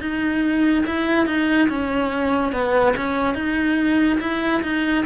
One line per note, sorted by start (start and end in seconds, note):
0.00 0.85 D#4
0.86 1.26 E4
1.26 1.69 D#4
1.69 2.53 C#4
2.53 2.95 B3
2.97 3.35 C#4
3.35 4.19 D#4
4.20 4.62 E4
4.62 5.05 D#4